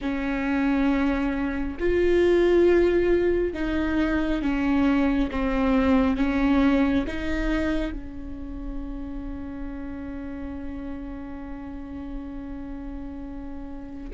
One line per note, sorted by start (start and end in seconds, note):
0.01 1.77 C#4
1.79 3.53 F4
3.53 4.42 D#4
4.42 5.30 C#4
5.30 6.16 C4
6.16 7.05 C#4
7.07 7.92 D#4
7.92 14.10 C#4